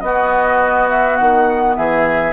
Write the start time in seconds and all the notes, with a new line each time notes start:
0.00 B3 F#4 D#5
0.89 E5
1.16 D#3 F#5
1.76 E3 G#4 E5